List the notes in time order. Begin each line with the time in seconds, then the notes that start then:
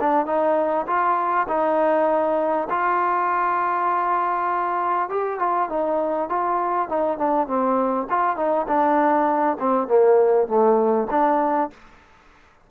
0.00 D4
0.26 D#4
0.87 F4
1.48 D#4
2.69 F4
5.09 G4
5.39 F4
5.69 D#4
6.29 F4
6.89 D#4
7.18 D4
7.47 C4
8.10 F4
8.36 D#4
8.67 D4
9.60 C4
9.88 A#3
10.48 A3
11.11 D4